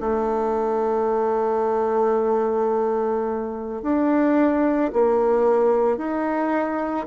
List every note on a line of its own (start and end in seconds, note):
0.00 3.82 A3
3.82 4.91 D4
4.92 5.97 A#3
5.97 7.06 D#4